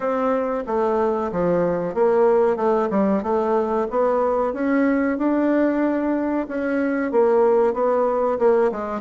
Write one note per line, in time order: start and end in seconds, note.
0.00 0.64 C4
0.66 1.31 A3
1.31 1.94 F3
1.94 2.56 A#3
2.56 2.89 A3
2.90 3.22 G3
3.22 3.87 A3
3.90 4.53 B3
4.53 5.18 C#4
5.18 6.47 D4
6.48 7.11 C#4
7.11 7.73 A#3
7.73 8.38 B3
8.39 8.71 A#3
8.71 9.01 G#3